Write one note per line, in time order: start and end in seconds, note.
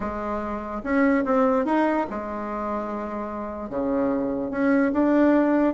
0.00 0.82 G#3
0.83 1.24 C#4
1.25 1.65 C4
1.65 2.06 D#4
2.10 3.69 G#3
3.69 4.50 C#3
4.50 4.91 C#4
4.93 5.73 D4